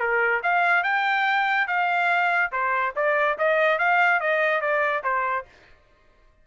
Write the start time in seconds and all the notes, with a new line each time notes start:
0.00 A#4
0.43 F5
0.84 G5
1.68 F5
2.52 C5
2.96 D5
3.38 D#5
3.79 F5
4.21 D#5
4.62 D5
5.04 C5